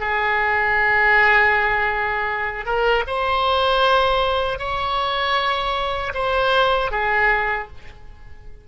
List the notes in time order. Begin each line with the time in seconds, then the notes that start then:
0.00 G#4
2.65 A#4
3.07 C5
4.59 C#5
6.14 C5
6.91 G#4